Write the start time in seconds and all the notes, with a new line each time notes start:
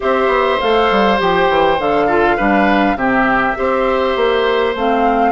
0.00 C4 G4 C5 E5
0.27 B3
0.60 A3 A4 F5
0.91 G3
1.18 F3 G4 G5
1.49 E3
1.78 D3 A4 F5
2.06 F4 A4
2.36 G3 D4 B4
2.95 C3 C4 G4 E5
3.55 C4 G4 C5
4.16 A#3
4.75 A3 C4 F5